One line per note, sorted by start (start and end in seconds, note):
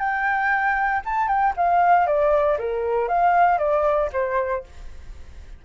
0.00 1.03 G5
1.06 1.28 A5
1.28 1.54 G5
1.57 2.07 F5
2.07 2.58 D5
2.59 3.09 A#4
3.09 3.59 F5
3.59 4.10 D5
4.13 4.64 C5